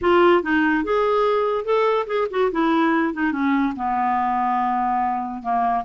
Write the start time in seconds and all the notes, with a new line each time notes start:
0.01 F4
0.42 D#4
0.84 G#4
1.65 A4
2.06 G#4
2.30 F#4
2.51 E4
3.13 D#4
3.32 C#4
3.75 B3
5.42 A#3